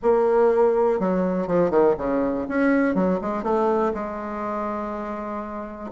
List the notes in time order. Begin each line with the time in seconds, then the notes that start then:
0.02 A#3
0.99 F#3
1.47 F3
1.70 D#3
1.97 C#3
2.48 C#4
2.95 F#3
3.21 G#3
3.43 A3
3.94 G#3